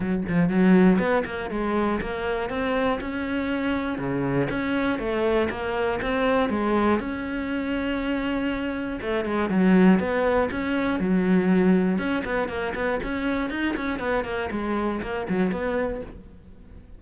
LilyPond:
\new Staff \with { instrumentName = "cello" } { \time 4/4 \tempo 4 = 120 fis8 f8 fis4 b8 ais8 gis4 | ais4 c'4 cis'2 | cis4 cis'4 a4 ais4 | c'4 gis4 cis'2~ |
cis'2 a8 gis8 fis4 | b4 cis'4 fis2 | cis'8 b8 ais8 b8 cis'4 dis'8 cis'8 | b8 ais8 gis4 ais8 fis8 b4 | }